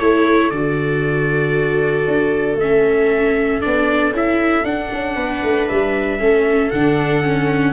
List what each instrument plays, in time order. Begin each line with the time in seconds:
0.00 tuba A3, viola E4 A4, trumpet C#5
0.51 tuba D3, viola F#4, trumpet D5
2.08 tuba D4
2.56 tuba A3, trumpet E5
2.62 viola C#4
3.61 tuba B3, viola D4, trumpet D5
4.11 tuba C#4, viola E4, trumpet E5
4.64 tuba D4, viola D4, trumpet F#5
4.93 tuba C#4
5.16 tuba B3, viola B4
5.43 tuba A3
5.69 tuba G3, trumpet E5
6.20 tuba A3, viola C#4 A4
6.71 tuba D3, viola D4, trumpet F#5
7.24 viola C#4